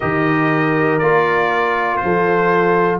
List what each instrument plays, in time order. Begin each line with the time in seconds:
0.00 tuba D#3, trombone G4, horn A#4, trumpet D#5
0.99 tuba A#3, trombone F4, trumpet D5
1.96 trumpet C5
2.03 tuba F3, horn A4